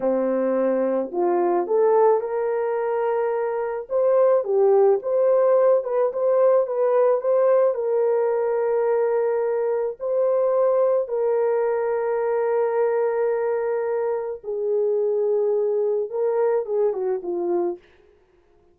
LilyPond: \new Staff \with { instrumentName = "horn" } { \time 4/4 \tempo 4 = 108 c'2 f'4 a'4 | ais'2. c''4 | g'4 c''4. b'8 c''4 | b'4 c''4 ais'2~ |
ais'2 c''2 | ais'1~ | ais'2 gis'2~ | gis'4 ais'4 gis'8 fis'8 f'4 | }